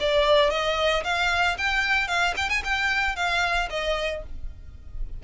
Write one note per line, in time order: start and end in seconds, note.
0.00 0.50 D5
0.50 1.03 D#5
1.04 1.57 F5
1.58 2.08 G5
2.08 2.34 F5
2.36 2.49 G5
2.49 2.62 G#5
2.64 3.16 G5
3.16 3.69 F5
3.70 4.23 D#5